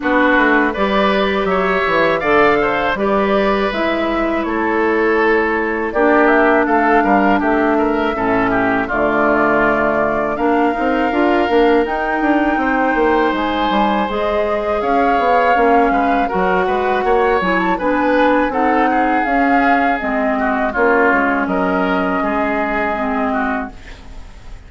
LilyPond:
<<
  \new Staff \with { instrumentName = "flute" } { \time 4/4 \tempo 4 = 81 b'4 d''4 e''4 f''4 | d''4 e''4 cis''2 | d''8 e''8 f''4 e''2 | d''2 f''2 |
g''2 gis''4 dis''4 | f''2 fis''4. gis''16 a''16 | gis''4 fis''4 f''4 dis''4 | cis''4 dis''2. | }
  \new Staff \with { instrumentName = "oboe" } { \time 4/4 fis'4 b'4 cis''4 d''8 c''8 | b'2 a'2 | g'4 a'8 ais'8 g'8 ais'8 a'8 g'8 | f'2 ais'2~ |
ais'4 c''2. | cis''4. b'8 ais'8 b'8 cis''4 | b'4 a'8 gis'2 fis'8 | f'4 ais'4 gis'4. fis'8 | }
  \new Staff \with { instrumentName = "clarinet" } { \time 4/4 d'4 g'2 a'4 | g'4 e'2. | d'2. cis'4 | a2 d'8 dis'8 f'8 d'8 |
dis'2. gis'4~ | gis'4 cis'4 fis'4. e'8 | d'4 dis'4 cis'4 c'4 | cis'2. c'4 | }
  \new Staff \with { instrumentName = "bassoon" } { \time 4/4 b8 a8 g4 fis8 e8 d4 | g4 gis4 a2 | ais4 a8 g8 a4 a,4 | d2 ais8 c'8 d'8 ais8 |
dis'8 d'8 c'8 ais8 gis8 g8 gis4 | cis'8 b8 ais8 gis8 fis8 gis8 ais8 fis8 | b4 c'4 cis'4 gis4 | ais8 gis8 fis4 gis2 | }
>>